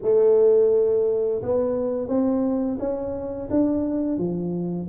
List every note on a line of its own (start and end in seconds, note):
0.02 1.42 A3
1.42 2.08 B3
2.08 2.77 C4
2.79 3.49 C#4
3.50 4.17 D4
4.17 4.87 F3